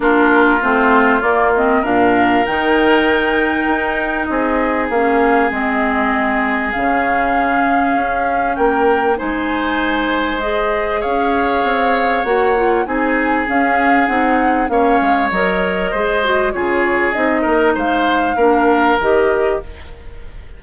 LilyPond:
<<
  \new Staff \with { instrumentName = "flute" } { \time 4/4 \tempo 4 = 98 ais'4 c''4 d''8 dis''8 f''4 | g''2. dis''4 | f''4 dis''2 f''4~ | f''2 g''4 gis''4~ |
gis''4 dis''4 f''2 | fis''4 gis''4 f''4 fis''4 | f''4 dis''2 cis''4 | dis''4 f''2 dis''4 | }
  \new Staff \with { instrumentName = "oboe" } { \time 4/4 f'2. ais'4~ | ais'2. gis'4~ | gis'1~ | gis'2 ais'4 c''4~ |
c''2 cis''2~ | cis''4 gis'2. | cis''2 c''4 gis'4~ | gis'8 ais'8 c''4 ais'2 | }
  \new Staff \with { instrumentName = "clarinet" } { \time 4/4 d'4 c'4 ais8 c'8 d'4 | dis'1 | cis'4 c'2 cis'4~ | cis'2. dis'4~ |
dis'4 gis'2. | fis'8 f'8 dis'4 cis'4 dis'4 | cis'4 ais'4 gis'8 fis'8 f'4 | dis'2 d'4 g'4 | }
  \new Staff \with { instrumentName = "bassoon" } { \time 4/4 ais4 a4 ais4 ais,4 | dis2 dis'4 c'4 | ais4 gis2 cis4~ | cis4 cis'4 ais4 gis4~ |
gis2 cis'4 c'4 | ais4 c'4 cis'4 c'4 | ais8 gis8 fis4 gis4 cis4 | c'8 ais8 gis4 ais4 dis4 | }
>>